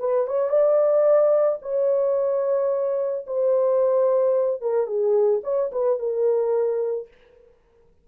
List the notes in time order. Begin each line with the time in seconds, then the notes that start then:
0.00 B4
0.28 C#5
0.50 D5
1.62 C#5
3.27 C5
4.62 A#4
4.87 G#4
5.44 C#5
5.72 B4
6.00 A#4